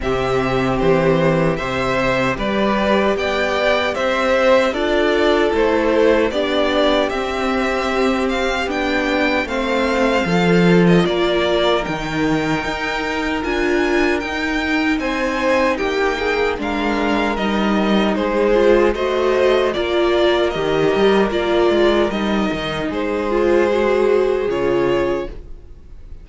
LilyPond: <<
  \new Staff \with { instrumentName = "violin" } { \time 4/4 \tempo 4 = 76 e''4 c''4 e''4 d''4 | g''4 e''4 d''4 c''4 | d''4 e''4. f''8 g''4 | f''4.~ f''16 dis''16 d''4 g''4~ |
g''4 gis''4 g''4 gis''4 | g''4 f''4 dis''4 c''4 | dis''4 d''4 dis''4 d''4 | dis''4 c''2 cis''4 | }
  \new Staff \with { instrumentName = "violin" } { \time 4/4 g'2 c''4 b'4 | d''4 c''4 a'2 | g'1 | c''4 a'4 ais'2~ |
ais'2. c''4 | g'8 gis'8 ais'2 gis'4 | c''4 ais'2.~ | ais'4 gis'2. | }
  \new Staff \with { instrumentName = "viola" } { \time 4/4 c'2 g'2~ | g'2 f'4 e'4 | d'4 c'2 d'4 | c'4 f'2 dis'4~ |
dis'4 f'4 dis'2~ | dis'4 d'4 dis'4. f'8 | fis'4 f'4 g'4 f'4 | dis'4. f'8 fis'4 f'4 | }
  \new Staff \with { instrumentName = "cello" } { \time 4/4 c4 e4 c4 g4 | b4 c'4 d'4 a4 | b4 c'2 b4 | a4 f4 ais4 dis4 |
dis'4 d'4 dis'4 c'4 | ais4 gis4 g4 gis4 | a4 ais4 dis8 g8 ais8 gis8 | g8 dis8 gis2 cis4 | }
>>